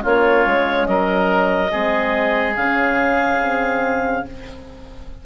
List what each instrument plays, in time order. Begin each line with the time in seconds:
0.00 bassoon A#3, horn C#4, oboe F4, clarinet C#5
0.46 bassoon G#3
0.86 bassoon F#3, oboe A#4, clarinet D#5
1.71 bassoon G#3, horn C4, oboe G#4
2.56 bassoon C#3, horn C#4, clarinet F5
3.41 horn C4